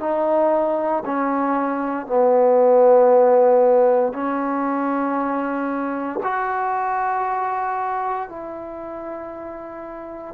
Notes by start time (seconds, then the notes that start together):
0.00 D#4
1.05 C#4
2.07 B3
4.13 C#4
6.24 F#4
8.29 E4